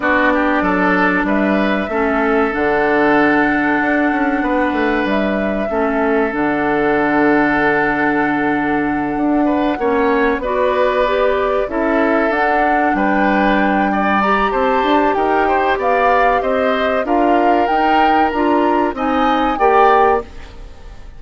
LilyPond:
<<
  \new Staff \with { instrumentName = "flute" } { \time 4/4 \tempo 4 = 95 d''2 e''2 | fis''1 | e''2 fis''2~ | fis''1~ |
fis''8 d''2 e''4 fis''8~ | fis''8 g''2 ais''8 a''4 | g''4 f''4 dis''4 f''4 | g''4 ais''4 gis''4 g''4 | }
  \new Staff \with { instrumentName = "oboe" } { \time 4/4 fis'8 g'8 a'4 b'4 a'4~ | a'2. b'4~ | b'4 a'2.~ | a'2. b'8 cis''8~ |
cis''8 b'2 a'4.~ | a'8 b'4. d''4 c''4 | ais'8 c''8 d''4 c''4 ais'4~ | ais'2 dis''4 d''4 | }
  \new Staff \with { instrumentName = "clarinet" } { \time 4/4 d'2. cis'4 | d'1~ | d'4 cis'4 d'2~ | d'2.~ d'8 cis'8~ |
cis'8 fis'4 g'4 e'4 d'8~ | d'2~ d'8 g'4.~ | g'2. f'4 | dis'4 f'4 dis'4 g'4 | }
  \new Staff \with { instrumentName = "bassoon" } { \time 4/4 b4 fis4 g4 a4 | d2 d'8 cis'8 b8 a8 | g4 a4 d2~ | d2~ d8 d'4 ais8~ |
ais8 b2 cis'4 d'8~ | d'8 g2~ g8 c'8 d'8 | dis'4 b4 c'4 d'4 | dis'4 d'4 c'4 ais4 | }
>>